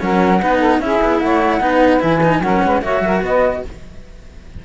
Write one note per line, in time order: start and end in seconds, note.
0.00 0.42 F#3
0.00 0.40 C#4
0.00 0.41 A#4
0.00 0.81 F#5
0.41 0.79 B3
0.41 0.81 D#4
0.41 0.59 B4
0.59 0.79 A4
0.79 0.99 C#4
0.79 1.61 E4
0.79 1.22 G#4
0.79 1.20 E5
1.02 1.21 B3
1.20 1.59 A3
1.20 1.59 C#5
1.20 2.01 F#5
1.59 2.00 B3
1.59 1.99 D#4
1.59 2.40 B4
1.99 2.41 E3
1.99 2.20 E4
1.99 2.42 G#5
2.23 2.43 D#4
2.41 2.61 F#3
2.41 2.82 C#4
2.41 2.64 A#4
2.41 2.82 F#5
2.64 2.82 G#3
2.64 2.83 B4
2.82 3.01 A#3
2.82 3.62 F#4
2.82 3.03 C#5
2.82 3.23 E5
3.01 3.21 F#3
3.01 3.24 A#4
3.22 3.62 B3
3.22 3.64 B4
3.22 3.65 D#5